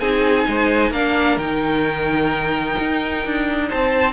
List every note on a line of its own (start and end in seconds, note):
0.00 0.46 C4
0.00 0.94 D#4
0.00 0.48 G#4
0.00 0.92 G#5
0.48 0.91 G#3
0.48 0.91 C5
0.91 1.37 A#3
0.91 1.40 D4
0.91 3.68 A#4
0.91 1.39 F5
1.37 2.76 D#3
1.37 4.13 D#4
1.37 3.69 G5
2.79 3.25 D#4
3.25 3.72 D4
3.69 4.13 C4
3.69 4.13 C5
3.69 4.13 A5